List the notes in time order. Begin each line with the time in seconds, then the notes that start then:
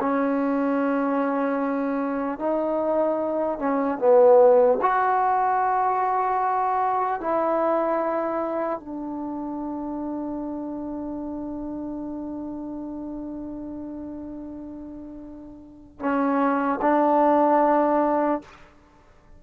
0.00 C#4
2.39 D#4
3.59 C#4
3.99 B3
4.81 F#4
7.20 E4
8.80 D4
16.00 C#4
16.81 D4